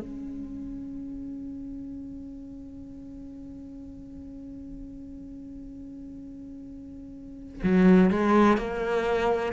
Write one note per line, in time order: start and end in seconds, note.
0.00 7.62 C#4
7.63 8.10 F#3
8.10 8.57 G#3
8.57 9.52 A#3